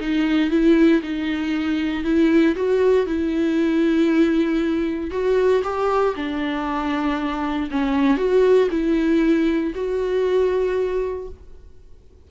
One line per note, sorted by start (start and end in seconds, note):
0.00 0.51 D#4
0.51 1.02 E4
1.03 2.04 D#4
2.04 2.55 E4
2.56 3.07 F#4
3.07 5.11 E4
5.11 5.62 F#4
5.64 6.15 G4
6.16 7.70 D4
7.71 8.17 C#4
8.17 8.69 F#4
8.71 9.73 E4
9.75 11.29 F#4